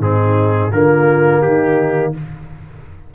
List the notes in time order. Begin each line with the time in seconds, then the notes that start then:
0.00 G#2 C4 D#4 G#4
0.72 D3 A#3 F4 A#4
1.42 D#3 D#4 G4